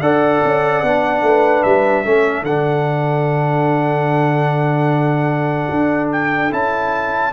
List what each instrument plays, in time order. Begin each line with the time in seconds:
0.00 tuba D4, trombone A4, horn D5, trumpet F#5
0.45 tuba C#4
0.83 tuba B3, trombone D4
1.22 tuba A3, horn B4
1.63 tuba G3, trumpet E5
2.05 tuba A3, trombone C#4, horn A4
2.43 tuba D3, trombone D4, trumpet F#5
5.70 tuba D4
6.12 trumpet G5
6.51 tuba C#4, trombone E4, trumpet A5